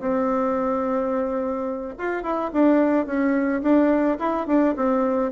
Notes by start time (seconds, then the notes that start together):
0.00 C4
1.98 F4
2.23 E4
2.53 D4
3.06 C#4
3.62 D4
4.19 E4
4.47 D4
4.76 C4